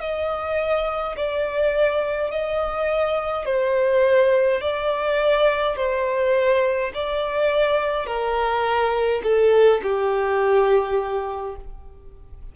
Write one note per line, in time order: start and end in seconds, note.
0.00 1.15 D#5
1.16 2.31 D5
2.31 3.46 D#5
3.46 4.61 C5
4.62 5.76 D5
5.76 6.92 C5
6.94 8.06 D5
8.06 9.22 A#4
9.24 9.81 A4
9.83 11.56 G4